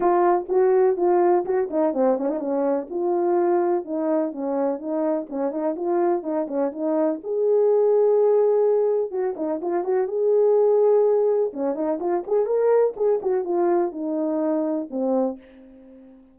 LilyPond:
\new Staff \with { instrumentName = "horn" } { \time 4/4 \tempo 4 = 125 f'4 fis'4 f'4 fis'8 dis'8 | c'8 cis'16 dis'16 cis'4 f'2 | dis'4 cis'4 dis'4 cis'8 dis'8 | f'4 dis'8 cis'8 dis'4 gis'4~ |
gis'2. fis'8 dis'8 | f'8 fis'8 gis'2. | cis'8 dis'8 f'8 gis'8 ais'4 gis'8 fis'8 | f'4 dis'2 c'4 | }